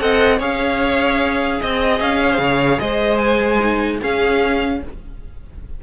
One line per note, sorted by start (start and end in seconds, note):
0.00 0.40 C4
0.00 0.40 A4
0.00 0.38 D#5
0.00 0.40 F#5
0.38 1.60 C#4
0.38 3.60 G#4
0.38 1.58 C#5
0.38 1.62 F5
1.62 2.01 C4
1.62 2.22 D#5
1.62 2.02 D#5
2.01 2.39 C#4
2.01 2.80 F5
2.24 2.32 C#5
2.32 2.42 C5
2.39 2.79 C#3
2.39 2.82 C#5
2.80 4.01 G#3
2.80 4.01 C5
2.80 3.19 D#5
3.19 3.99 G#5
3.60 4.00 D#4
4.01 4.82 C#4
4.01 4.83 C#4
4.01 4.81 G#4
4.01 4.83 F5